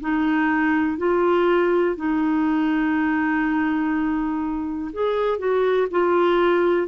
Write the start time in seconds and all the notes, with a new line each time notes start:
0.00 D#4
0.97 F4
1.96 D#4
4.93 G#4
5.38 F#4
5.91 F4